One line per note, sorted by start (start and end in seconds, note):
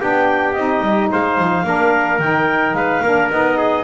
0.00 0.57 B3
0.00 0.55 D4
0.00 1.11 G4
0.00 0.54 G5
0.54 0.81 C4
0.54 1.65 D#4
0.54 1.09 D#5
0.81 1.08 G3
1.12 1.39 G#3
1.12 1.67 C5
1.12 2.21 F5
1.39 1.64 F3
1.64 2.19 A#3
1.64 2.20 D4
1.64 2.77 A#4
2.19 2.73 D#3
2.19 3.03 D#4
2.19 2.74 G5
2.73 3.01 G#3
2.73 3.03 B4
2.73 3.29 F5
3.03 3.30 A#3
3.03 3.32 D4
3.03 3.58 A#4
3.31 3.84 B3
3.31 3.84 D#4
3.31 3.84 D#5
3.58 3.84 G#4